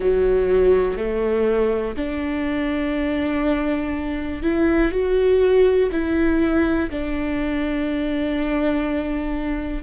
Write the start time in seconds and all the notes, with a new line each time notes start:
0.00 F#3
0.97 A3
1.96 D4
4.42 E4
4.91 F#4
5.91 E4
6.90 D4